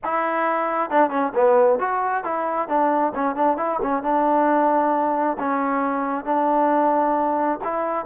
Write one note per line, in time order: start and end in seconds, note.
0.03 0.90 E4
0.90 1.09 D4
1.09 1.32 C#4
1.34 1.79 B3
1.79 2.23 F#4
2.23 2.68 E4
2.68 3.13 D4
3.14 3.35 C#4
3.35 3.57 D4
3.57 3.79 E4
3.82 4.03 C#4
4.03 5.37 D4
5.38 6.24 C#4
6.24 7.59 D4
7.64 8.05 E4